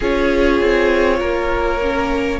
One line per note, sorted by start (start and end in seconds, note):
0.00 0.60 C#4
0.00 1.81 F4
0.00 1.17 G#4
0.00 2.40 C#5
0.60 1.20 C4
1.19 2.40 A#3
1.19 2.39 A#4
1.81 2.40 C#4